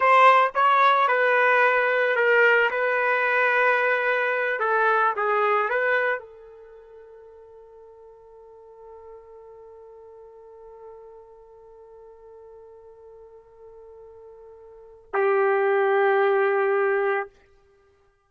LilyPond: \new Staff \with { instrumentName = "trumpet" } { \time 4/4 \tempo 4 = 111 c''4 cis''4 b'2 | ais'4 b'2.~ | b'8 a'4 gis'4 b'4 a'8~ | a'1~ |
a'1~ | a'1~ | a'1 | g'1 | }